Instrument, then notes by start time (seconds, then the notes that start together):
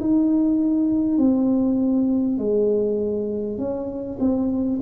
tuba
0.00 D#4
1.18 C4
2.38 G#3
3.58 C#4
4.19 C4